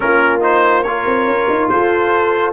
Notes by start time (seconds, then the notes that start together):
0.00 A#3 C#4 F4 A#4
0.40 D#4 C5
0.83 F4 A#4 C#5
1.06 C4
1.26 C#4
1.49 D#4
1.69 F4 A4 C5